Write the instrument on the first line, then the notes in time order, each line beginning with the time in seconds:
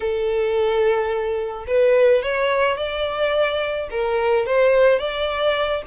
violin
0.00 A4
1.67 B4
2.22 C#5
2.77 D5
3.90 A#4
4.46 C5
4.98 D5